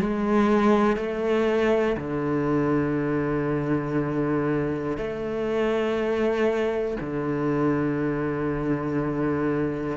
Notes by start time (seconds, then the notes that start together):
0.00 G#3
0.97 A3
1.98 D3
4.98 A3
7.00 D3